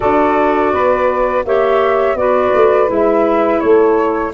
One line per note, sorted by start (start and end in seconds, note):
0.00 0.73 D4
0.00 1.45 F#4
0.00 0.72 A4
0.00 1.44 D5
0.72 1.44 B3
0.72 1.44 B4
1.44 2.14 A#3
1.44 2.17 G4
1.44 2.17 C#5
1.44 2.17 E5
2.14 2.50 B3
2.14 2.87 F#4
2.14 3.62 B4
2.14 2.89 D5
2.54 2.89 A3
2.87 3.62 G#3
2.87 4.31 E4
2.87 3.59 E5
3.59 4.33 A3
3.59 4.33 A4
3.59 4.32 C#5